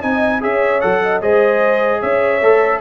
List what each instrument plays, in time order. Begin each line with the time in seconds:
0.00 tuba C4, trombone D#4, horn D#5, trumpet G#5
0.41 tuba C#4, trombone G#4, horn C#5, trumpet E5
0.82 tuba F#3, trombone A4, trumpet F#5
1.03 horn D#5
1.22 tuba G#3, trombone G#4, horn C5, trumpet D#5
2.00 tuba C#4, horn C#5, trumpet E5
2.42 tuba A3, trombone A4